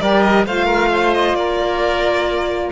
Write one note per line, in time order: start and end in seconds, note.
0.00 0.46 G3
0.00 0.45 G4
0.00 0.46 A#4
0.00 0.22 D5
0.22 0.45 D#5
0.46 1.33 A3
0.46 2.72 F4
0.46 0.65 C5
0.46 1.14 F5
0.65 0.88 A#4
0.92 1.37 C5
1.14 1.35 D#5
1.33 2.69 A#3
1.33 2.72 A#4
1.33 2.71 D5